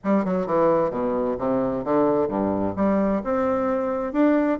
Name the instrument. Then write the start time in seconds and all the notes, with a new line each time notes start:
bassoon
0.04 G3
0.24 F#3
0.46 E3
0.90 B2
1.38 C3
1.84 D3
2.28 G2
2.75 G3
3.23 C4
4.12 D4